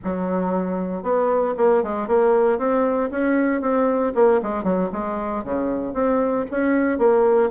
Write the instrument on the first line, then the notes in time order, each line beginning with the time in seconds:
bassoon
0.04 F#3
1.02 B3
1.57 A#3
1.83 G#3
2.07 A#3
2.58 C4
3.10 C#4
3.61 C4
4.14 A#3
4.42 G#3
4.63 F#3
4.92 G#3
5.44 C#3
5.93 C4
6.50 C#4
6.98 A#3